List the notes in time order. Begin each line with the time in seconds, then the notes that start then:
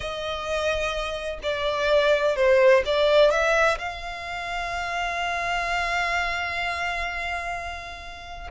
0.00 D#5
1.42 D5
2.35 C5
2.85 D5
3.30 E5
3.78 F5